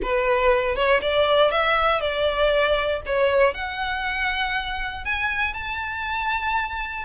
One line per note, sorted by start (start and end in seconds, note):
0.02 0.75 B4
0.75 1.00 C#5
1.01 1.51 D5
1.51 2.00 E5
2.00 3.01 D5
3.05 3.54 C#5
3.54 5.04 F#5
5.04 5.53 G#5
5.53 7.05 A5